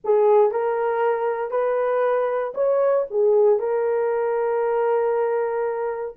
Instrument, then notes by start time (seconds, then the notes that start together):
horn
0.04 G#4
0.51 A#4
1.50 B4
2.54 C#5
3.10 G#4
3.59 A#4